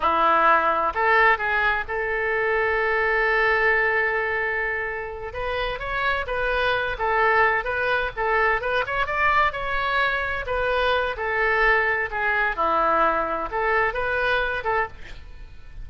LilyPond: \new Staff \with { instrumentName = "oboe" } { \time 4/4 \tempo 4 = 129 e'2 a'4 gis'4 | a'1~ | a'2.~ a'8 b'8~ | b'8 cis''4 b'4. a'4~ |
a'8 b'4 a'4 b'8 cis''8 d''8~ | d''8 cis''2 b'4. | a'2 gis'4 e'4~ | e'4 a'4 b'4. a'8 | }